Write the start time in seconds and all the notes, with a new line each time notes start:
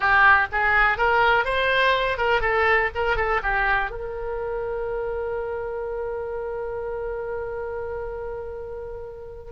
0.00 G4
0.51 G#4
0.97 A#4
1.44 C5
2.17 A#4
2.41 A4
2.94 A#4
3.16 A4
3.43 G4
3.90 A#4